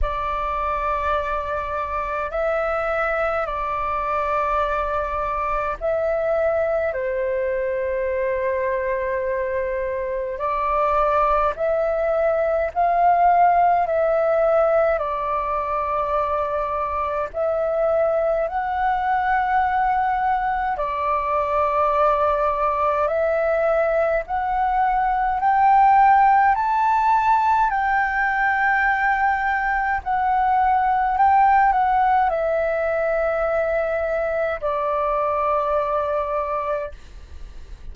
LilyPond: \new Staff \with { instrumentName = "flute" } { \time 4/4 \tempo 4 = 52 d''2 e''4 d''4~ | d''4 e''4 c''2~ | c''4 d''4 e''4 f''4 | e''4 d''2 e''4 |
fis''2 d''2 | e''4 fis''4 g''4 a''4 | g''2 fis''4 g''8 fis''8 | e''2 d''2 | }